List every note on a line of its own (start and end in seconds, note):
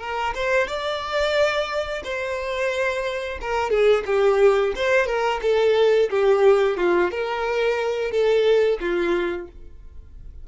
0.00 0.34 A#4
0.35 0.67 C5
0.67 2.02 D5
2.03 3.38 C5
3.41 3.70 A#4
3.70 4.04 G#4
4.06 4.73 G4
4.75 5.06 C5
5.06 5.40 A#4
5.42 6.09 A4
6.09 6.77 G4
6.77 7.11 F4
7.11 8.11 A#4
8.11 8.78 A4
8.80 9.47 F4